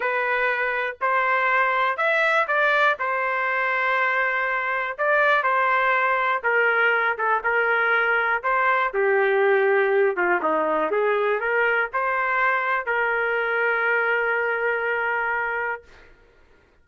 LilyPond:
\new Staff \with { instrumentName = "trumpet" } { \time 4/4 \tempo 4 = 121 b'2 c''2 | e''4 d''4 c''2~ | c''2 d''4 c''4~ | c''4 ais'4. a'8 ais'4~ |
ais'4 c''4 g'2~ | g'8 f'8 dis'4 gis'4 ais'4 | c''2 ais'2~ | ais'1 | }